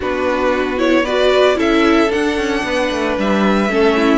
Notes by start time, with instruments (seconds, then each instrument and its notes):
0.00 cello B3, viola D4, violin F#4 B4
0.77 viola E4, violin C#5
1.03 viola F#4, violin B4 D5
1.55 cello C#4, viola E4, violin A4 E5
2.09 viola D4, cello D4, violin F#5
2.37 cello C#4
2.63 cello B3, violin B4
2.91 cello A3
3.18 cello G3, violin E5
3.69 cello A3, viola C#4, violin A4
3.96 violin E4